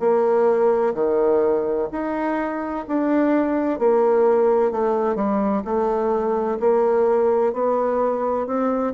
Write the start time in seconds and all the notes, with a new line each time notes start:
0.00 A#3
0.94 D#3
1.92 D#4
2.88 D4
3.79 A#3
4.72 A3
5.16 G3
5.65 A3
6.60 A#3
7.53 B3
8.47 C4